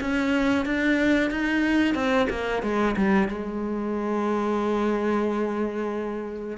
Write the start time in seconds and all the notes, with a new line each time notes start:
0.00 C#4
0.65 D4
1.30 D#4
1.94 C4
2.29 A#3
2.62 G#3
2.96 G3
3.28 G#3